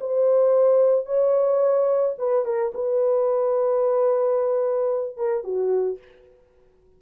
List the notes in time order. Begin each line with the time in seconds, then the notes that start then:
0.00 C5
1.06 C#5
2.18 B4
2.45 A#4
2.74 B4
5.17 A#4
5.44 F#4